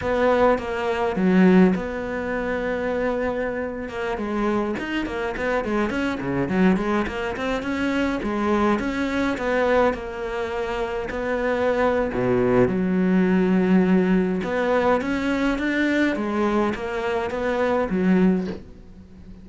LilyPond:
\new Staff \with { instrumentName = "cello" } { \time 4/4 \tempo 4 = 104 b4 ais4 fis4 b4~ | b2~ b8. ais8 gis8.~ | gis16 dis'8 ais8 b8 gis8 cis'8 cis8 fis8 gis16~ | gis16 ais8 c'8 cis'4 gis4 cis'8.~ |
cis'16 b4 ais2 b8.~ | b4 b,4 fis2~ | fis4 b4 cis'4 d'4 | gis4 ais4 b4 fis4 | }